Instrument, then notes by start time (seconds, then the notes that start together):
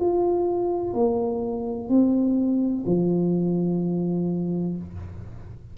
tuba
0.00 F4
0.94 A#3
1.89 C4
2.86 F3